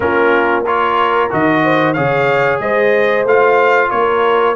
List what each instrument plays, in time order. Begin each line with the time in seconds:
0.00 tuba A#3, trombone C#4, horn F4, trumpet A#4
0.63 trombone F4, horn A#4, trumpet C#5
1.30 tuba D#3, trombone F#4, trumpet D#5
1.64 horn C5
1.93 tuba C#3, trombone G#4, horn C#5, trumpet F5
2.59 tuba G#3, horn C5, trumpet D#5
3.24 tuba A3, trombone F4, trumpet F5
3.90 tuba A#3, horn A#4, trumpet C#5